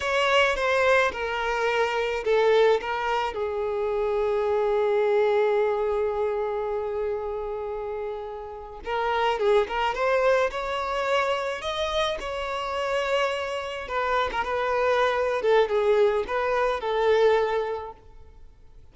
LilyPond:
\new Staff \with { instrumentName = "violin" } { \time 4/4 \tempo 4 = 107 cis''4 c''4 ais'2 | a'4 ais'4 gis'2~ | gis'1~ | gis'2.~ gis'8. ais'16~ |
ais'8. gis'8 ais'8 c''4 cis''4~ cis''16~ | cis''8. dis''4 cis''2~ cis''16~ | cis''8. b'8. ais'16 b'4.~ b'16 a'8 | gis'4 b'4 a'2 | }